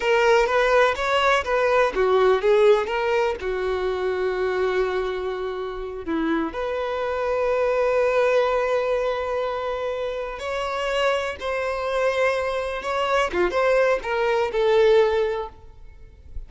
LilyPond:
\new Staff \with { instrumentName = "violin" } { \time 4/4 \tempo 4 = 124 ais'4 b'4 cis''4 b'4 | fis'4 gis'4 ais'4 fis'4~ | fis'1~ | fis'8 e'4 b'2~ b'8~ |
b'1~ | b'4. cis''2 c''8~ | c''2~ c''8 cis''4 f'8 | c''4 ais'4 a'2 | }